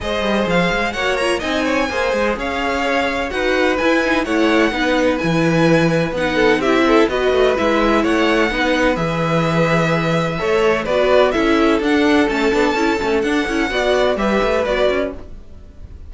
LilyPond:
<<
  \new Staff \with { instrumentName = "violin" } { \time 4/4 \tempo 4 = 127 dis''4 f''4 fis''8 ais''8 gis''4~ | gis''4 f''2 fis''4 | gis''4 fis''2 gis''4~ | gis''4 fis''4 e''4 dis''4 |
e''4 fis''2 e''4~ | e''2. d''4 | e''4 fis''4 a''2 | fis''2 e''4 d''4 | }
  \new Staff \with { instrumentName = "violin" } { \time 4/4 c''2 cis''4 dis''8 cis''8 | c''4 cis''2 b'4~ | b'4 cis''4 b'2~ | b'4. a'8 g'8 a'8 b'4~ |
b'4 cis''4 b'2~ | b'2 cis''4 b'4 | a'1~ | a'4 d''4 b'2 | }
  \new Staff \with { instrumentName = "viola" } { \time 4/4 gis'2 fis'8 f'8 dis'4 | gis'2. fis'4 | e'8 dis'8 e'4 dis'4 e'4~ | e'4 dis'4 e'4 fis'4 |
e'2 dis'4 gis'4~ | gis'2 a'4 fis'4 | e'4 d'4 cis'8 d'8 e'8 cis'8 | d'8 e'8 fis'4 g'4 fis'4 | }
  \new Staff \with { instrumentName = "cello" } { \time 4/4 gis8 g8 f8 gis8 ais4 c'4 | ais8 gis8 cis'2 dis'4 | e'4 a4 b4 e4~ | e4 b4 c'4 b8 a8 |
gis4 a4 b4 e4~ | e2 a4 b4 | cis'4 d'4 a8 b8 cis'8 a8 | d'8 cis'8 b4 g8 a8 b8 cis'8 | }
>>